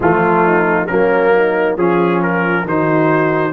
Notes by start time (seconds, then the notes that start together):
0.00 F3 A3 F4
0.45 D#4
0.86 F#3 A#3 C#4 A#4
1.33 D#4
1.76 F3 C#4 F4 G#4
2.22 A#4
2.64 D#3 D#4 F#4 C5